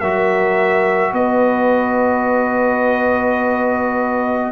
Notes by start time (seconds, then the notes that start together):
0.00 F#3 F#4 A#4 E5
1.12 B3 B4 D#5